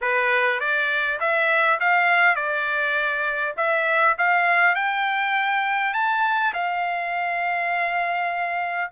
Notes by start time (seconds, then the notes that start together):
0.01 B4
0.59 D5
1.20 E5
1.80 F5
2.35 D5
3.56 E5
4.18 F5
4.75 G5
5.93 A5
6.53 F5